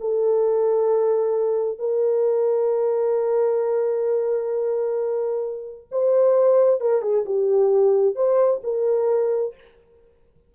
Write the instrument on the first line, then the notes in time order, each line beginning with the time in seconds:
horn
0.00 A4
1.79 A#4
5.92 C5
6.80 A#4
7.02 G#4
7.25 G4
8.15 C5
8.63 A#4